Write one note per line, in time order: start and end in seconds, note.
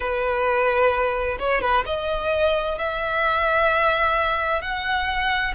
0.00 1.37 B4
1.39 1.61 C#5
1.61 1.84 B4
1.86 2.78 D#5
2.78 4.62 E5
4.62 5.54 F#5